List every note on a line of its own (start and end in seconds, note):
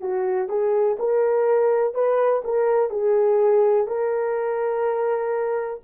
0.00 0.48 F#4
0.48 0.97 G#4
0.99 1.94 A#4
1.94 2.42 B4
2.44 2.90 A#4
2.90 3.87 G#4
3.87 5.81 A#4